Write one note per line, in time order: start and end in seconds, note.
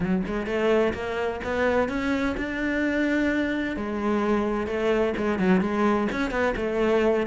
0.00 0.22 F#3
0.26 0.46 G#3
0.46 0.93 A3
0.93 1.40 A#3
1.44 1.88 B3
1.88 2.35 C#4
2.37 3.76 D4
3.76 4.66 G#3
4.66 5.13 A3
5.17 5.38 G#3
5.38 5.60 F#3
5.60 6.07 G#3
6.12 6.30 C#4
6.30 6.54 B3
6.56 7.26 A3